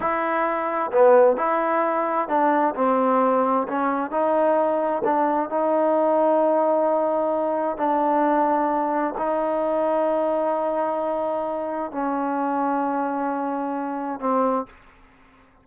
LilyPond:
\new Staff \with { instrumentName = "trombone" } { \time 4/4 \tempo 4 = 131 e'2 b4 e'4~ | e'4 d'4 c'2 | cis'4 dis'2 d'4 | dis'1~ |
dis'4 d'2. | dis'1~ | dis'2 cis'2~ | cis'2. c'4 | }